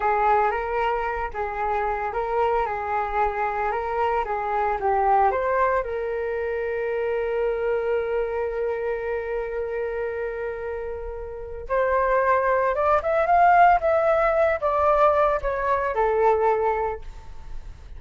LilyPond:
\new Staff \with { instrumentName = "flute" } { \time 4/4 \tempo 4 = 113 gis'4 ais'4. gis'4. | ais'4 gis'2 ais'4 | gis'4 g'4 c''4 ais'4~ | ais'1~ |
ais'1~ | ais'2 c''2 | d''8 e''8 f''4 e''4. d''8~ | d''4 cis''4 a'2 | }